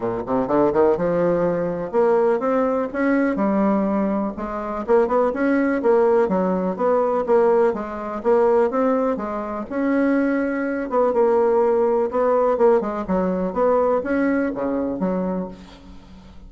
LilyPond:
\new Staff \with { instrumentName = "bassoon" } { \time 4/4 \tempo 4 = 124 ais,8 c8 d8 dis8 f2 | ais4 c'4 cis'4 g4~ | g4 gis4 ais8 b8 cis'4 | ais4 fis4 b4 ais4 |
gis4 ais4 c'4 gis4 | cis'2~ cis'8 b8 ais4~ | ais4 b4 ais8 gis8 fis4 | b4 cis'4 cis4 fis4 | }